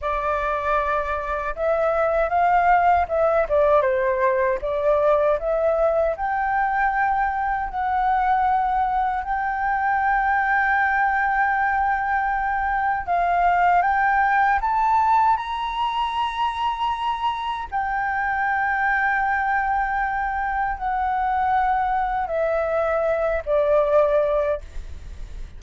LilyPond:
\new Staff \with { instrumentName = "flute" } { \time 4/4 \tempo 4 = 78 d''2 e''4 f''4 | e''8 d''8 c''4 d''4 e''4 | g''2 fis''2 | g''1~ |
g''4 f''4 g''4 a''4 | ais''2. g''4~ | g''2. fis''4~ | fis''4 e''4. d''4. | }